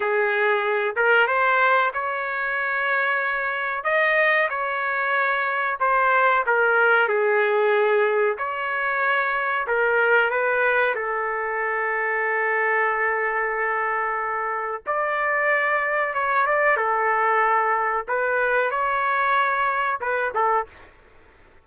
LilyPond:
\new Staff \with { instrumentName = "trumpet" } { \time 4/4 \tempo 4 = 93 gis'4. ais'8 c''4 cis''4~ | cis''2 dis''4 cis''4~ | cis''4 c''4 ais'4 gis'4~ | gis'4 cis''2 ais'4 |
b'4 a'2.~ | a'2. d''4~ | d''4 cis''8 d''8 a'2 | b'4 cis''2 b'8 a'8 | }